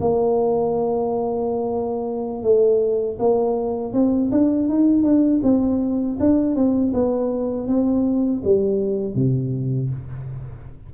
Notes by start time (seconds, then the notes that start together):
0.00 A#3
2.42 A3
3.19 A#3
3.93 C4
4.31 D4
4.68 D#4
5.02 D4
5.43 C4
6.20 D4
6.55 C4
6.93 B3
7.67 C4
8.44 G3
9.14 C3